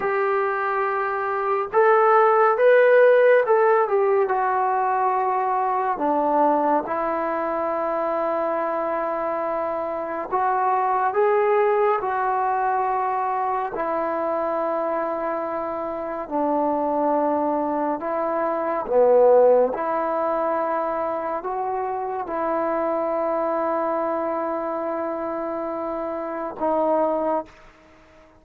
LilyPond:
\new Staff \with { instrumentName = "trombone" } { \time 4/4 \tempo 4 = 70 g'2 a'4 b'4 | a'8 g'8 fis'2 d'4 | e'1 | fis'4 gis'4 fis'2 |
e'2. d'4~ | d'4 e'4 b4 e'4~ | e'4 fis'4 e'2~ | e'2. dis'4 | }